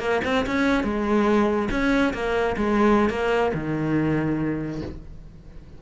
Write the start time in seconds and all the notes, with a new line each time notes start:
0.00 A#3
0.25 C4
0.46 C#4
0.84 G#3
1.71 C#4
2.14 A#3
2.57 G#3
3.10 A#3
3.54 D#3